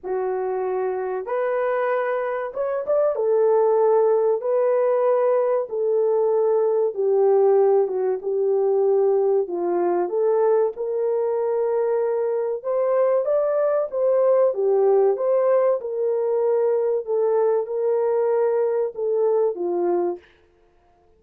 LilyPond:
\new Staff \with { instrumentName = "horn" } { \time 4/4 \tempo 4 = 95 fis'2 b'2 | cis''8 d''8 a'2 b'4~ | b'4 a'2 g'4~ | g'8 fis'8 g'2 f'4 |
a'4 ais'2. | c''4 d''4 c''4 g'4 | c''4 ais'2 a'4 | ais'2 a'4 f'4 | }